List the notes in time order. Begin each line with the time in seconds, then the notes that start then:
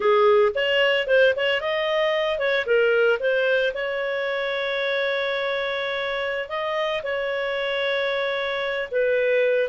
0.00 G#4
0.54 C#5
1.07 C5
1.35 C#5
1.60 D#5
2.38 C#5
2.65 A#4
3.19 C5
3.73 C#5
6.49 D#5
7.03 C#5
8.91 B4